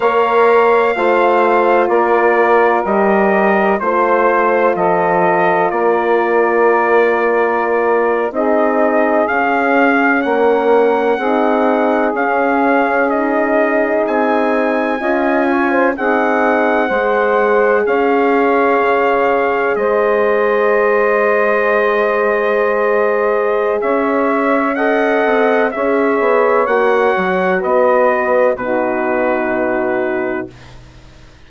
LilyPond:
<<
  \new Staff \with { instrumentName = "trumpet" } { \time 4/4 \tempo 4 = 63 f''2 d''4 dis''4 | c''4 dis''4 d''2~ | d''8. dis''4 f''4 fis''4~ fis''16~ | fis''8. f''4 dis''4 gis''4~ gis''16~ |
gis''8. fis''2 f''4~ f''16~ | f''8. dis''2.~ dis''16~ | dis''4 e''4 fis''4 e''4 | fis''4 dis''4 b'2 | }
  \new Staff \with { instrumentName = "saxophone" } { \time 4/4 cis''4 c''4 ais'2 | c''4 a'4 ais'2~ | ais'8. gis'2 ais'4 gis'16~ | gis'2.~ gis'8. dis''16~ |
dis''16 cis''16 c''16 gis'4 c''4 cis''4~ cis''16~ | cis''8. c''2.~ c''16~ | c''4 cis''4 dis''4 cis''4~ | cis''4 b'4 fis'2 | }
  \new Staff \with { instrumentName = "horn" } { \time 4/4 ais'4 f'2 g'4 | f'1~ | f'8. dis'4 cis'2 dis'16~ | dis'8. cis'4 dis'2 f'16~ |
f'8. dis'4 gis'2~ gis'16~ | gis'1~ | gis'2 a'4 gis'4 | fis'2 dis'2 | }
  \new Staff \with { instrumentName = "bassoon" } { \time 4/4 ais4 a4 ais4 g4 | a4 f4 ais2~ | ais8. c'4 cis'4 ais4 c'16~ | c'8. cis'2 c'4 cis'16~ |
cis'8. c'4 gis4 cis'4 cis16~ | cis8. gis2.~ gis16~ | gis4 cis'4. c'8 cis'8 b8 | ais8 fis8 b4 b,2 | }
>>